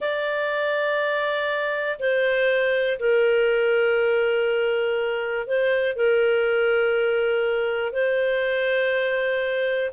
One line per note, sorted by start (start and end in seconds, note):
0.00 1.99 D5
1.99 2.98 C5
2.99 5.47 A#4
5.47 5.95 C5
5.95 7.92 A#4
7.92 9.90 C5